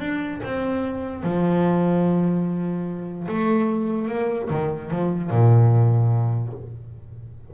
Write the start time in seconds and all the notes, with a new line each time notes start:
0.00 D4
0.44 C4
1.24 F3
3.28 A3
4.09 A#3
4.50 D#3
4.91 F3
5.31 A#2